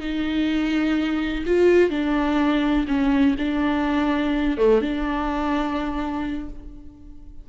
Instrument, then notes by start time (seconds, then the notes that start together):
viola
0.00 D#4
1.46 F4
1.90 D4
2.87 C#4
3.38 D4
4.58 A3
4.81 D4